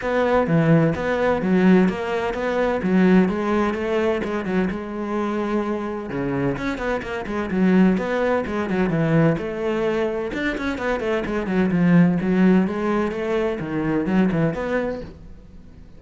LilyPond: \new Staff \with { instrumentName = "cello" } { \time 4/4 \tempo 4 = 128 b4 e4 b4 fis4 | ais4 b4 fis4 gis4 | a4 gis8 fis8 gis2~ | gis4 cis4 cis'8 b8 ais8 gis8 |
fis4 b4 gis8 fis8 e4 | a2 d'8 cis'8 b8 a8 | gis8 fis8 f4 fis4 gis4 | a4 dis4 fis8 e8 b4 | }